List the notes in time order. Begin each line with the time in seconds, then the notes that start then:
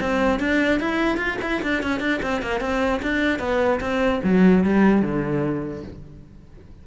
0.00 C4
0.39 D4
0.80 E4
1.17 F4
1.42 E4
1.62 D4
1.83 C#4
2.00 D4
2.22 C4
2.42 A#3
2.60 C4
3.02 D4
3.39 B3
3.80 C4
4.23 F#3
4.64 G3
5.02 D3